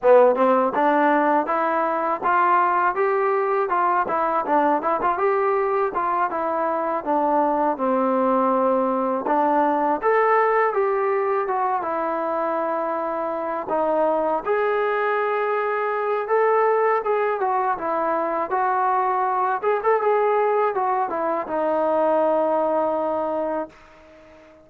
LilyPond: \new Staff \with { instrumentName = "trombone" } { \time 4/4 \tempo 4 = 81 b8 c'8 d'4 e'4 f'4 | g'4 f'8 e'8 d'8 e'16 f'16 g'4 | f'8 e'4 d'4 c'4.~ | c'8 d'4 a'4 g'4 fis'8 |
e'2~ e'8 dis'4 gis'8~ | gis'2 a'4 gis'8 fis'8 | e'4 fis'4. gis'16 a'16 gis'4 | fis'8 e'8 dis'2. | }